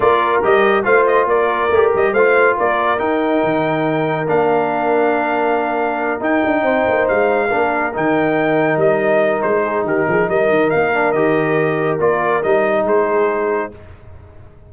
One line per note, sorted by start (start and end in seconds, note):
0.00 0.42 A#3
0.00 0.43 F4
0.00 0.85 A#4
0.00 0.42 D5
0.43 0.85 G3
0.43 0.83 G4
0.43 0.85 D#5
0.83 1.26 A3
0.83 1.69 F4
0.83 1.27 C5
0.83 1.06 F5
1.06 1.28 D#5
1.26 1.68 A#3
1.26 2.13 A#4
1.26 1.92 D5
1.69 1.91 A3
1.69 2.17 G4
1.94 2.13 G3
1.94 2.13 D#5
2.13 2.55 A3
2.13 2.97 F4
2.13 2.55 C5
2.13 2.56 F5
2.56 2.99 A#3
2.56 6.63 A#4
2.56 2.99 D5
2.97 4.26 D#4
2.97 3.42 D#4
2.97 4.27 G5
3.43 4.29 D#3
4.27 6.20 A#3
4.27 6.20 D4
4.27 6.21 F5
6.20 6.41 D#4
6.20 7.48 D#4
6.20 7.07 G5
6.44 6.62 D4
6.62 6.84 C4
6.62 7.47 C5
6.87 7.09 A#3
7.07 7.52 G#3
7.07 7.93 F5
7.47 7.92 D4
7.47 9.61 A#4
7.53 7.96 A#3
7.93 8.76 D#3
7.93 10.93 D#4
7.93 8.79 G5
8.76 9.41 G3
8.76 9.41 D#5
9.41 9.84 G#3
9.41 9.84 C5
9.63 9.85 G#4
9.84 10.05 D#3
9.84 10.08 G4
9.84 10.29 A#4
10.08 10.28 F3
10.08 10.29 G#4
10.28 10.49 G3
10.28 12.85 A#4
10.28 10.70 D#5
10.49 10.71 D#3
10.70 11.13 A#3
10.70 11.12 F5
10.93 11.15 D4
11.12 11.99 D#3
11.12 11.99 G4
11.12 11.97 D#5
11.99 12.42 A#3
11.99 12.42 F4
11.99 12.42 D5
12.42 12.83 G3
12.42 13.71 D#4
12.42 12.85 D#5
12.83 13.69 G#3
12.83 13.70 G#4
12.83 13.73 C5